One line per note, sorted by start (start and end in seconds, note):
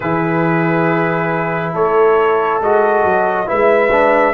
0.00 1.74 E3
0.00 2.62 E4
0.00 1.73 G#4
0.00 1.74 B4
1.73 2.60 A3
1.73 3.47 A4
1.73 2.61 C#5
2.60 3.03 G#3
2.60 3.46 F#4
2.60 3.49 D#5
3.03 3.47 F#3
3.46 4.34 G#3
3.46 3.89 E4
3.46 4.34 B4
3.46 4.34 E5
3.91 4.34 D4